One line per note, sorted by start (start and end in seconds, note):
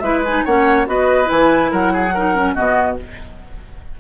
0.00 0.43 G#3
0.00 0.25 E4
0.00 0.45 B4
0.00 0.21 E5
0.25 0.47 D#4
0.25 0.45 G#5
0.45 0.87 A#3
0.45 0.86 C#4
0.45 0.87 C#5
0.45 0.88 F#5
0.86 1.30 B3
0.86 1.25 F#4
0.86 1.72 B4
0.86 1.30 D#5
1.25 2.10 E4
1.25 1.73 G#5
1.31 1.72 E3
1.72 2.57 F#3
1.72 1.93 A#4
1.72 2.56 F#5
1.94 2.14 G#4
2.14 2.35 D#4
2.14 2.55 A#4
2.35 2.56 C#4
2.55 3.01 B2
2.55 2.98 B3
2.55 2.97 F#4
2.55 2.98 D#5